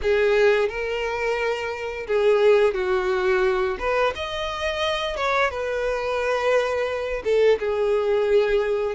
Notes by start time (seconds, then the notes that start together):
0.02 G#4
0.68 A#4
2.07 G#4
2.74 F#4
3.79 B4
4.15 D#5
5.16 C#5
5.50 B4
7.24 A4
7.59 G#4